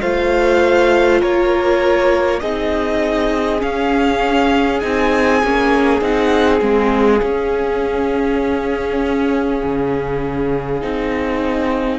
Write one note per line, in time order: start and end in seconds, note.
0.00 1.22 A3
0.00 2.40 F4
0.00 1.20 C5
0.00 1.21 F5
1.20 2.42 A#3
1.20 2.40 A#4
1.20 2.39 C#5
2.39 3.62 C4
2.39 3.59 D#4
2.39 11.99 G#4
2.39 3.59 D#5
3.59 4.79 C#4
3.59 4.82 C#4
3.59 4.79 F5
4.79 5.42 C4
4.79 5.41 D#4
4.79 6.00 G#5
5.42 6.01 A#3
5.42 6.01 C#4
6.01 6.61 C4
6.01 6.59 D#4
6.01 6.62 F#5
6.59 7.21 G#3
6.59 7.20 C4
6.59 11.99 F5
7.21 10.80 C#4
7.21 9.62 C#4
9.63 10.83 C#3
10.81 11.99 C4
10.81 11.99 D#4